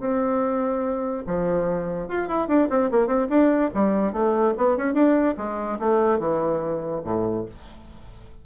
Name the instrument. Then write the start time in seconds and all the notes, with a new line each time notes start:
bassoon
0.00 C4
1.27 F3
2.08 F4
2.28 E4
2.48 D4
2.70 C4
2.91 A#3
3.07 C4
3.29 D4
3.74 G3
4.13 A3
4.58 B3
4.77 C#4
4.94 D4
5.37 G#3
5.79 A3
6.19 E3
7.04 A2